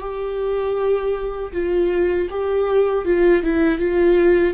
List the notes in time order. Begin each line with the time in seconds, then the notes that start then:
0.00 G4
1.52 F4
2.30 G4
3.04 F4
3.43 E4
3.78 F4